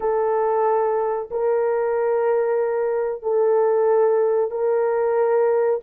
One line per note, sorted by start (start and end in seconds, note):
0.00 1.29 A4
1.30 3.22 A#4
3.22 4.50 A4
4.50 5.79 A#4